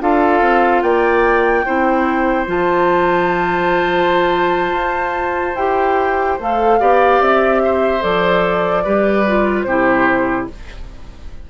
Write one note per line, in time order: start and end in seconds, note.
0.00 0.41 D4
0.00 1.64 F4
0.00 0.83 A4
0.00 0.81 F5
0.41 0.82 C4
0.81 1.64 A#3
0.81 1.65 D5
0.81 2.46 G5
1.65 2.47 C4
1.65 2.46 E4
1.65 6.79 C5
2.46 4.71 F3
2.46 5.54 F4
2.46 5.55 A5
4.71 5.53 F4
5.55 6.37 E4
5.55 6.39 G4
5.55 6.38 G5
6.39 6.80 A3
6.39 6.79 A4
6.39 7.21 F5
6.79 7.19 B3
6.79 8.00 G4
6.79 7.61 D5
7.19 8.02 C4
7.19 8.02 E5
7.64 8.83 C5
8.00 8.85 F3
8.00 8.83 A4
8.00 9.63 D5
8.83 9.65 G3
8.83 9.26 G4
8.83 9.66 B4
9.27 9.67 F4
9.63 10.47 C3
9.63 10.49 E4
9.63 10.49 G4
9.63 10.45 C5